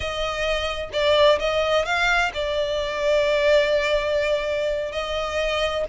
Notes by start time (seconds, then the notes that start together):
0.00 D#5
0.92 D5
1.39 D#5
1.85 F5
2.33 D5
4.92 D#5